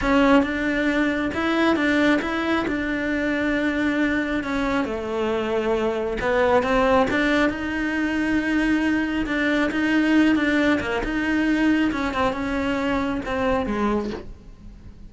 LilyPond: \new Staff \with { instrumentName = "cello" } { \time 4/4 \tempo 4 = 136 cis'4 d'2 e'4 | d'4 e'4 d'2~ | d'2 cis'4 a4~ | a2 b4 c'4 |
d'4 dis'2.~ | dis'4 d'4 dis'4. d'8~ | d'8 ais8 dis'2 cis'8 c'8 | cis'2 c'4 gis4 | }